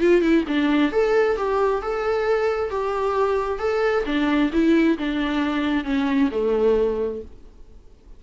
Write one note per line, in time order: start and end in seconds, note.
0.00 0.21 F4
0.21 0.44 E4
0.47 0.92 D4
0.92 1.36 A4
1.36 1.81 G4
1.82 2.70 A4
2.70 3.58 G4
3.58 4.04 A4
4.05 4.50 D4
4.52 4.97 E4
4.98 5.84 D4
5.84 6.29 C#4
6.31 7.21 A3